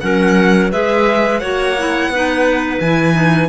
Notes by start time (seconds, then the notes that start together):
0.00 F#3 C#4 A#4 F#5
0.71 G#3 G#4 B4 E5
1.39 A#3 F#4 C#5 F#5
1.78 E4
2.08 B3 D#4 B4
2.80 E3 E4 G#5
3.13 D#4